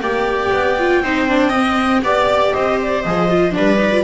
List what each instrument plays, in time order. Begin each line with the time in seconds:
0.00 double bass A#3, viola G4 D5, clarinet G5
0.51 double bass B3
0.78 viola F4
1.00 double bass C4, viola D#4 C5
1.28 viola D4
1.48 viola C4 D#5
2.02 double bass B3, viola G4 D5, clarinet D5
2.52 double bass C4, viola C5, clarinet D#5
2.82 clarinet D5
3.02 double bass F3, viola G#4, clarinet D#5
3.29 viola F4
3.51 double bass G3, viola D4 B4, clarinet D5
3.77 viola D#4
3.91 viola F4